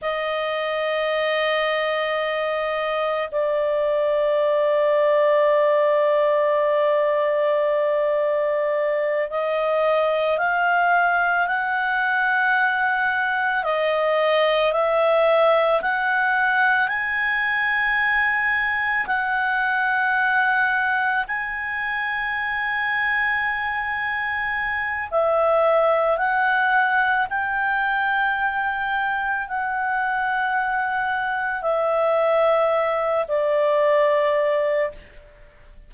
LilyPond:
\new Staff \with { instrumentName = "clarinet" } { \time 4/4 \tempo 4 = 55 dis''2. d''4~ | d''1~ | d''8 dis''4 f''4 fis''4.~ | fis''8 dis''4 e''4 fis''4 gis''8~ |
gis''4. fis''2 gis''8~ | gis''2. e''4 | fis''4 g''2 fis''4~ | fis''4 e''4. d''4. | }